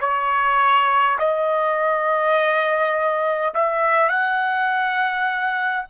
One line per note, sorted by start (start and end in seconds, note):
0.00 1.18 C#5
1.18 3.53 D#5
3.54 4.09 E5
4.09 5.85 F#5